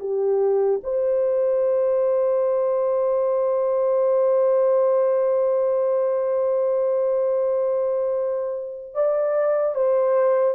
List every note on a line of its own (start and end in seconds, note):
0.00 0.81 G4
0.84 8.94 C5
8.94 9.75 D5
9.75 10.56 C5